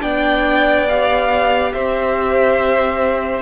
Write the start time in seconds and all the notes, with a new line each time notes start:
0.00 B3 D4 D5 G5
0.88 G4 F5
1.72 C4 C5 E5